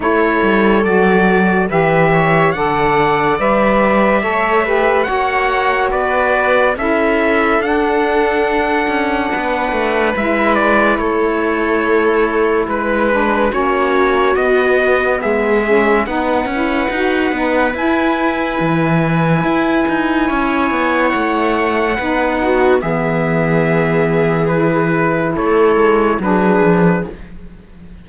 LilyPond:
<<
  \new Staff \with { instrumentName = "trumpet" } { \time 4/4 \tempo 4 = 71 cis''4 d''4 e''4 fis''4 | e''2 fis''4 d''4 | e''4 fis''2. | e''8 d''8 cis''2 b'4 |
cis''4 dis''4 e''4 fis''4~ | fis''4 gis''2.~ | gis''4 fis''2 e''4~ | e''4 b'4 cis''4 b'4 | }
  \new Staff \with { instrumentName = "viola" } { \time 4/4 a'2 b'8 cis''8 d''4~ | d''4 cis''8 b'8 cis''4 b'4 | a'2. b'4~ | b'4 a'2 b'4 |
fis'2 gis'4 b'4~ | b'1 | cis''2 b'8 fis'8 gis'4~ | gis'2 a'4 gis'4 | }
  \new Staff \with { instrumentName = "saxophone" } { \time 4/4 e'4 fis'4 g'4 a'4 | b'4 a'8 g'8 fis'2 | e'4 d'2. | e'2.~ e'8 d'8 |
cis'4 b4. cis'8 dis'8 e'8 | fis'8 dis'8 e'2.~ | e'2 dis'4 b4~ | b4 e'2 d'4 | }
  \new Staff \with { instrumentName = "cello" } { \time 4/4 a8 g8 fis4 e4 d4 | g4 a4 ais4 b4 | cis'4 d'4. cis'8 b8 a8 | gis4 a2 gis4 |
ais4 b4 gis4 b8 cis'8 | dis'8 b8 e'4 e4 e'8 dis'8 | cis'8 b8 a4 b4 e4~ | e2 a8 gis8 fis8 f8 | }
>>